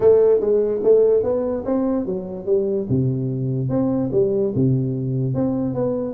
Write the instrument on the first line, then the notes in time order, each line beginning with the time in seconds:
tuba
0.00 A3
0.40 G#3
0.83 A3
1.23 B3
1.65 C4
2.05 F#3
2.45 G3
2.89 C3
3.69 C4
4.12 G3
4.55 C3
5.34 C4
5.74 B3